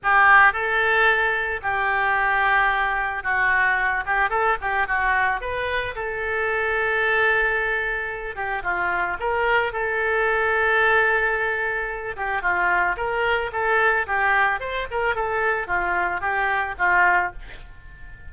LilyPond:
\new Staff \with { instrumentName = "oboe" } { \time 4/4 \tempo 4 = 111 g'4 a'2 g'4~ | g'2 fis'4. g'8 | a'8 g'8 fis'4 b'4 a'4~ | a'2.~ a'8 g'8 |
f'4 ais'4 a'2~ | a'2~ a'8 g'8 f'4 | ais'4 a'4 g'4 c''8 ais'8 | a'4 f'4 g'4 f'4 | }